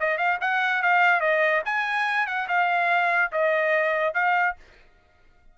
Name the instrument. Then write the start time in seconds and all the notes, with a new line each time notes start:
trumpet
0.00 D#5
0.18 F5
0.41 F#5
0.82 F5
1.20 D#5
1.65 G#5
2.27 F#5
2.48 F5
3.32 D#5
4.14 F5